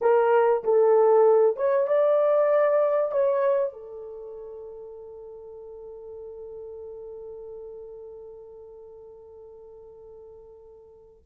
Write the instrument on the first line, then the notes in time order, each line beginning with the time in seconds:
horn
0.01 A#4
0.63 A4
1.56 C#5
1.87 D5
3.11 C#5
3.72 A4